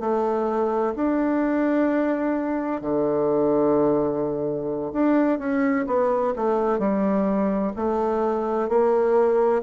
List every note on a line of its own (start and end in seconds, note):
0.00 0.94 A3
0.96 2.81 D4
2.81 4.92 D3
4.93 5.39 D4
5.39 5.86 C#4
5.87 6.34 B3
6.36 6.79 A3
6.79 7.73 G3
7.76 8.68 A3
8.68 9.62 A#3